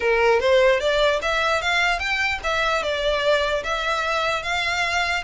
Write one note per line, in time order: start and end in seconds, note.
0.00 0.40 A#4
0.40 0.79 C5
0.79 1.20 D5
1.22 1.61 E5
1.61 1.99 F5
1.99 2.39 G5
2.43 2.82 E5
2.82 3.63 D5
3.63 4.43 E5
4.43 5.23 F5